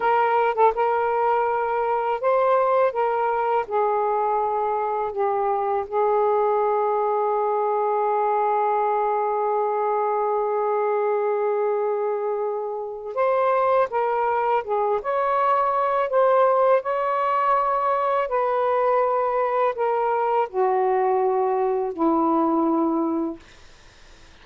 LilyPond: \new Staff \with { instrumentName = "saxophone" } { \time 4/4 \tempo 4 = 82 ais'8. a'16 ais'2 c''4 | ais'4 gis'2 g'4 | gis'1~ | gis'1~ |
gis'2 c''4 ais'4 | gis'8 cis''4. c''4 cis''4~ | cis''4 b'2 ais'4 | fis'2 e'2 | }